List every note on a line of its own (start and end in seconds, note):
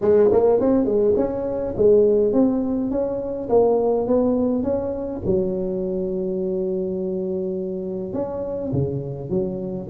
0.01 0.30 G#3
0.31 0.60 A#3
0.60 0.85 C4
0.85 1.14 G#3
1.16 1.74 C#4
1.76 2.32 G#3
2.32 2.90 C4
2.90 3.48 C#4
3.49 4.07 A#3
4.07 4.63 B3
4.63 5.21 C#4
5.25 8.13 F#3
8.13 8.71 C#4
8.72 9.29 C#3
9.29 9.87 F#3